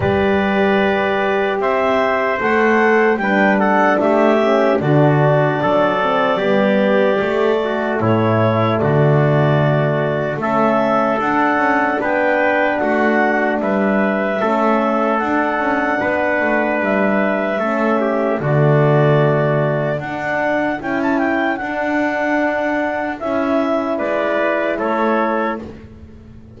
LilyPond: <<
  \new Staff \with { instrumentName = "clarinet" } { \time 4/4 \tempo 4 = 75 d''2 e''4 fis''4 | g''8 fis''8 e''4 d''2~ | d''2 cis''4 d''4~ | d''4 e''4 fis''4 g''4 |
fis''4 e''2 fis''4~ | fis''4 e''2 d''4~ | d''4 fis''4 g''16 a''16 g''8 fis''4~ | fis''4 e''4 d''4 cis''4 | }
  \new Staff \with { instrumentName = "trumpet" } { \time 4/4 b'2 c''2 | b'8 a'8 g'4 fis'4 a'4 | g'4. fis'8 e'4 fis'4~ | fis'4 a'2 b'4 |
fis'4 b'4 a'2 | b'2 a'8 g'8 fis'4~ | fis'4 a'2.~ | a'2 b'4 a'4 | }
  \new Staff \with { instrumentName = "horn" } { \time 4/4 g'2. a'4 | d'4. cis'8 d'4. c'8 | b4 a2.~ | a4 cis'4 d'2~ |
d'2 cis'4 d'4~ | d'2 cis'4 a4~ | a4 d'4 e'4 d'4~ | d'4 e'2. | }
  \new Staff \with { instrumentName = "double bass" } { \time 4/4 g2 c'4 a4 | g4 a4 d4 fis4 | g4 a4 a,4 d4~ | d4 a4 d'8 cis'8 b4 |
a4 g4 a4 d'8 cis'8 | b8 a8 g4 a4 d4~ | d4 d'4 cis'4 d'4~ | d'4 cis'4 gis4 a4 | }
>>